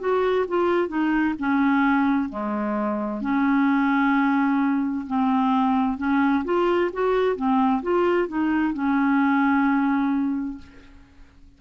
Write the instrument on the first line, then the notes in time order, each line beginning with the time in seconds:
clarinet
0.00 F#4
0.49 F4
0.89 D#4
1.39 C#4
2.30 G#3
3.22 C#4
5.07 C4
5.98 C#4
6.45 F4
6.93 F#4
7.36 C4
7.83 F4
8.28 D#4
8.74 C#4